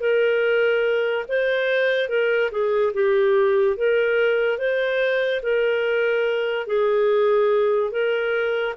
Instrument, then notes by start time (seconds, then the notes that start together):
clarinet
0.00 A#4
1.28 C5
2.09 A#4
2.51 G#4
2.94 G4
3.77 A#4
4.58 C5
5.43 A#4
6.67 G#4
7.91 A#4